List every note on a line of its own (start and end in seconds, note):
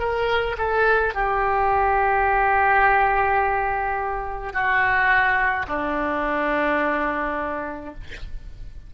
0.00 0.57 A#4
0.58 1.15 A4
1.15 4.53 G4
4.53 5.67 F#4
5.68 7.95 D4